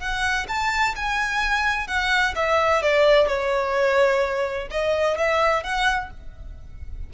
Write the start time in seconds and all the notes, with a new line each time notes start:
0.00 F#5
0.48 A5
0.96 G#5
1.87 F#5
2.35 E5
2.82 D5
3.28 C#5
4.71 D#5
5.18 E5
5.64 F#5